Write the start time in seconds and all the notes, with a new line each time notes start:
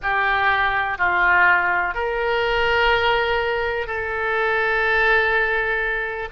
0.02 G4
0.98 F4
1.94 A#4
3.86 A4